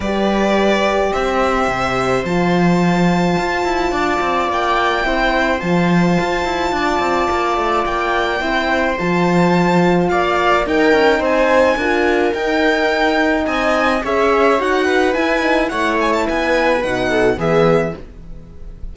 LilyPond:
<<
  \new Staff \with { instrumentName = "violin" } { \time 4/4 \tempo 4 = 107 d''2 e''2 | a''1 | g''2 a''2~ | a''2 g''2 |
a''2 f''4 g''4 | gis''2 g''2 | gis''4 e''4 fis''4 gis''4 | fis''8 gis''16 a''16 gis''4 fis''4 e''4 | }
  \new Staff \with { instrumentName = "viola" } { \time 4/4 b'2 c''2~ | c''2. d''4~ | d''4 c''2. | d''2. c''4~ |
c''2 d''4 ais'4 | c''4 ais'2. | dis''4 cis''4. b'4. | cis''4 b'4. a'8 gis'4 | }
  \new Staff \with { instrumentName = "horn" } { \time 4/4 g'1 | f'1~ | f'4 e'4 f'2~ | f'2. e'4 |
f'2. dis'4~ | dis'4 f'4 dis'2~ | dis'4 gis'4 fis'4 e'8 dis'8 | e'2 dis'4 b4 | }
  \new Staff \with { instrumentName = "cello" } { \time 4/4 g2 c'4 c4 | f2 f'8 e'8 d'8 c'8 | ais4 c'4 f4 f'8 e'8 | d'8 c'8 ais8 a8 ais4 c'4 |
f2 ais4 dis'8 cis'8 | c'4 d'4 dis'2 | c'4 cis'4 dis'4 e'4 | a4 b4 b,4 e4 | }
>>